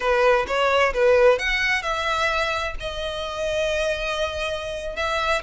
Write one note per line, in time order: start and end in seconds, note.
0.00 0.46 B4
0.47 0.93 C#5
0.93 1.38 B4
1.38 1.82 F#5
1.82 2.74 E5
2.79 4.96 D#5
4.96 5.42 E5